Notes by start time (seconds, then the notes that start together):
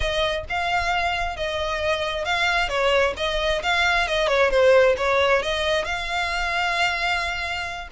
0.00 D#5
0.49 F5
1.36 D#5
2.24 F5
2.68 C#5
3.16 D#5
3.62 F5
4.07 D#5
4.27 C#5
4.50 C5
4.97 C#5
5.42 D#5
5.84 F5